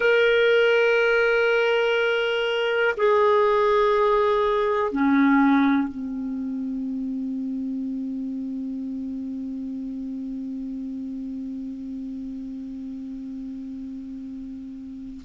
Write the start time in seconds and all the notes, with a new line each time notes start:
0.00 A#4
2.97 G#4
4.91 C#4
5.87 C4